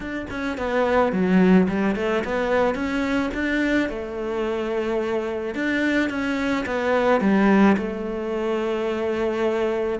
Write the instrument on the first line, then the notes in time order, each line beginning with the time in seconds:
cello
0.00 D4
0.30 C#4
0.57 B3
1.12 F#3
1.68 G3
1.95 A3
2.24 B3
2.74 C#4
3.33 D4
3.89 A3
5.54 D4
6.09 C#4
6.66 B3
7.20 G3
7.77 A3